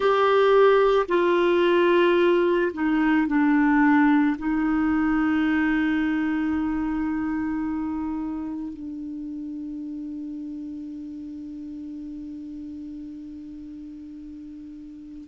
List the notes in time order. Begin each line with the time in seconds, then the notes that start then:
0.00 G4
1.08 F4
2.73 D#4
3.27 D4
4.38 D#4
8.73 D4